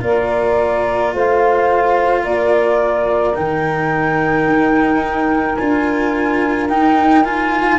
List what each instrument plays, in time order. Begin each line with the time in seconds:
0.00 tuba A#3, cello F4, saxophone A#4, flute D5
1.13 tuba A3, saxophone C5, flute F5
2.21 tuba A#3, saxophone A#4, flute D5
3.34 tuba D#3, cello D#4, flute G5
4.47 tuba D#4
5.55 tuba D4, cello F4, flute G#5
6.69 cello D#4, tuba D#4, flute G5
7.24 cello F4, flute G#5